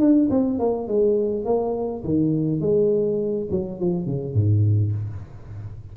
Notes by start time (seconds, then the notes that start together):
0.00 D4
0.31 C4
0.59 A#3
0.88 G#3
1.45 A#3
2.05 D#3
2.61 G#3
3.51 F#3
3.80 F3
4.06 C#3
4.35 G#2